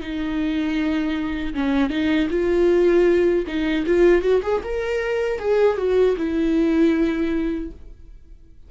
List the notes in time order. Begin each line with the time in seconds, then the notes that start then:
0.00 D#4
1.54 C#4
1.90 D#4
2.30 F4
3.47 D#4
3.86 F4
4.22 F#4
4.42 G#4
4.63 A#4
5.39 G#4
5.77 F#4
6.17 E4